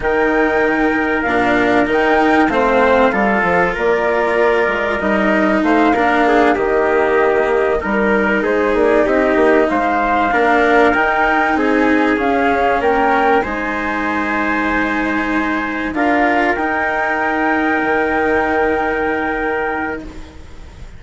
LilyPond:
<<
  \new Staff \with { instrumentName = "flute" } { \time 4/4 \tempo 4 = 96 g''2 f''4 g''4 | f''2 d''2 | dis''4 f''4. dis''4.~ | dis''8 ais'4 c''8 d''8 dis''4 f''8~ |
f''4. g''4 gis''4 f''8~ | f''8 g''4 gis''2~ gis''8~ | gis''4. f''4 g''4.~ | g''1 | }
  \new Staff \with { instrumentName = "trumpet" } { \time 4/4 ais'1 | c''4 a'4 ais'2~ | ais'4 c''8 ais'8 gis'8 g'4.~ | g'8 ais'4 gis'4 g'4 c''8~ |
c''8 ais'2 gis'4.~ | gis'8 ais'4 c''2~ c''8~ | c''4. ais'2~ ais'8~ | ais'1 | }
  \new Staff \with { instrumentName = "cello" } { \time 4/4 dis'2 d'4 dis'4 | c'4 f'2. | dis'4. d'4 ais4.~ | ais8 dis'2.~ dis'8~ |
dis'8 d'4 dis'2 cis'8~ | cis'4. dis'2~ dis'8~ | dis'4. f'4 dis'4.~ | dis'1 | }
  \new Staff \with { instrumentName = "bassoon" } { \time 4/4 dis2 ais,4 dis4 | a4 g8 f8 ais4. gis8 | g4 a8 ais4 dis4.~ | dis8 g4 gis8 ais8 c'8 ais8 gis8~ |
gis8 ais4 dis'4 c'4 cis'8~ | cis'8 ais4 gis2~ gis8~ | gis4. d'4 dis'4.~ | dis'8 dis2.~ dis8 | }
>>